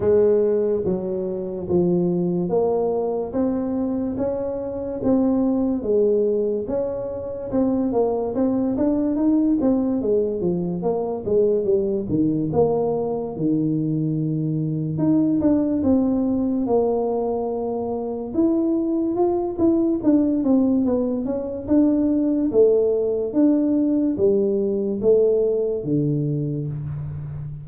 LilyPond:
\new Staff \with { instrumentName = "tuba" } { \time 4/4 \tempo 4 = 72 gis4 fis4 f4 ais4 | c'4 cis'4 c'4 gis4 | cis'4 c'8 ais8 c'8 d'8 dis'8 c'8 | gis8 f8 ais8 gis8 g8 dis8 ais4 |
dis2 dis'8 d'8 c'4 | ais2 e'4 f'8 e'8 | d'8 c'8 b8 cis'8 d'4 a4 | d'4 g4 a4 d4 | }